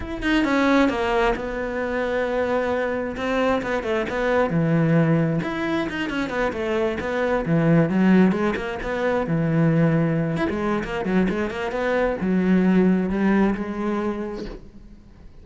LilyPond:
\new Staff \with { instrumentName = "cello" } { \time 4/4 \tempo 4 = 133 e'8 dis'8 cis'4 ais4 b4~ | b2. c'4 | b8 a8 b4 e2 | e'4 dis'8 cis'8 b8 a4 b8~ |
b8 e4 fis4 gis8 ais8 b8~ | b8 e2~ e8 e'16 gis8. | ais8 fis8 gis8 ais8 b4 fis4~ | fis4 g4 gis2 | }